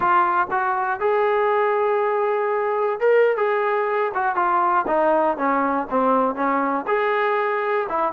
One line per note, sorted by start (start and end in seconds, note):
0.00 0.47 F4
0.50 1.00 F#4
1.00 3.00 G#4
3.00 3.37 A#4
3.37 4.12 G#4
4.14 4.35 F#4
4.35 4.85 F4
4.87 5.37 D#4
5.37 5.87 C#4
5.90 6.35 C4
6.35 6.85 C#4
6.87 7.87 G#4
7.89 8.12 E4